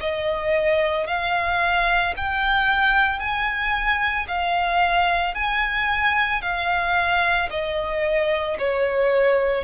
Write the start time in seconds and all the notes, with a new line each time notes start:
0.00 D#5
1.07 F5
2.16 G5
3.19 G#5
4.28 F5
5.34 G#5
6.41 F5
7.50 D#5
8.59 C#5